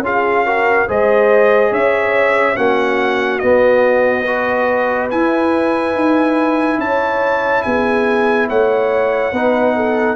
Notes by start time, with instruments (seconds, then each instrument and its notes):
0.00 tuba C#4, trombone F4, horn G#4, trumpet F5
0.46 trombone F#4, horn A#4
0.88 tuba G#3, trombone G#4, horn C5, trumpet D#5
1.72 tuba C#4, horn C#5, trumpet E5
2.56 tuba A#3, trombone C#4, horn F#4, trumpet F#5
3.39 trombone B3, tuba B3, trumpet D#5
4.25 trombone F#4, horn B4
5.11 trombone E4, tuba E4, trumpet G#5
5.95 tuba D#4
6.78 tuba C#4, horn C#5, trumpet A5
7.63 tuba B3, horn G#4, trumpet G#5
8.49 tuba A3, horn C#5, trumpet F#5
9.32 tuba B3, trombone D#4, horn B4
9.76 horn A4